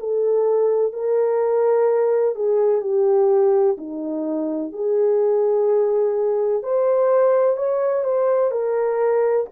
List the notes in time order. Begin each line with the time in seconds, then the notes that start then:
0.00 A4
0.93 A#4
2.35 G#4
2.82 G4
3.78 D#4
4.73 G#4
6.63 C5
7.57 C#5
8.04 C5
8.52 A#4